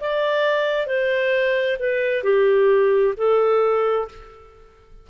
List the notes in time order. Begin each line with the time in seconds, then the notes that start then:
0.00 D5
0.86 C5
1.79 B4
2.24 G4
3.17 A4